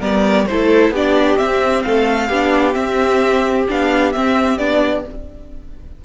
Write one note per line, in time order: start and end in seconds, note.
0.00 0.46 G3
0.00 0.47 B3
0.00 0.46 A#4
0.00 0.46 D5
0.46 0.90 A3
0.46 0.95 E4
0.46 0.93 A4
0.46 0.92 C5
0.90 1.36 B3
0.90 1.38 D4
0.90 1.85 G4
0.96 1.38 D5
1.38 2.30 C4
1.38 1.84 C4
1.38 1.82 E5
1.82 2.29 A3
1.82 2.28 A4
1.82 2.74 F5
2.28 2.75 B3
2.28 2.73 D4
2.28 5.03 G4
2.73 3.65 C4
2.73 3.67 C4
2.73 3.65 E5
3.68 4.15 B3
3.68 4.14 D4
3.68 4.12 F5
4.12 4.59 C4
4.12 4.58 E5
4.58 5.04 B3
4.58 5.05 D4
4.58 5.04 D5